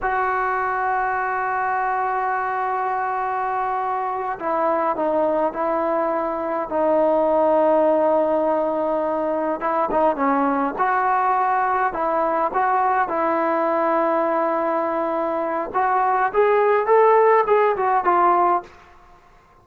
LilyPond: \new Staff \with { instrumentName = "trombone" } { \time 4/4 \tempo 4 = 103 fis'1~ | fis'2.~ fis'8 e'8~ | e'8 dis'4 e'2 dis'8~ | dis'1~ |
dis'8 e'8 dis'8 cis'4 fis'4.~ | fis'8 e'4 fis'4 e'4.~ | e'2. fis'4 | gis'4 a'4 gis'8 fis'8 f'4 | }